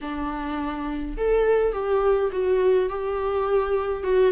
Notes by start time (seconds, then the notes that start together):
0.01 D4
1.17 A4
1.73 G4
2.32 F#4
2.89 G4
4.03 F#4